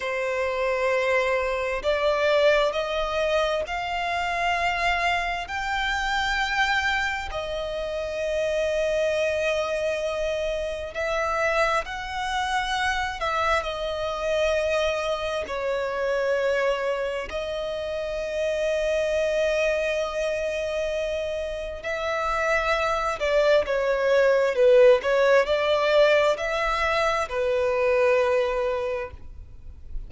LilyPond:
\new Staff \with { instrumentName = "violin" } { \time 4/4 \tempo 4 = 66 c''2 d''4 dis''4 | f''2 g''2 | dis''1 | e''4 fis''4. e''8 dis''4~ |
dis''4 cis''2 dis''4~ | dis''1 | e''4. d''8 cis''4 b'8 cis''8 | d''4 e''4 b'2 | }